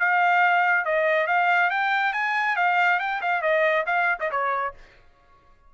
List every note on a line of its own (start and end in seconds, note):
0.00 0.86 F5
0.86 1.27 D#5
1.27 1.71 F5
1.71 2.13 G5
2.13 2.56 G#5
2.56 3.00 F5
3.00 3.21 G5
3.22 3.42 F5
3.42 3.85 D#5
3.87 4.19 F5
4.20 4.31 D#5
4.31 4.74 C#5